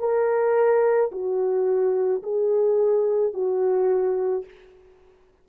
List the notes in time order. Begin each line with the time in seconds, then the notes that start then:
0.00 A#4
1.12 F#4
2.23 G#4
3.34 F#4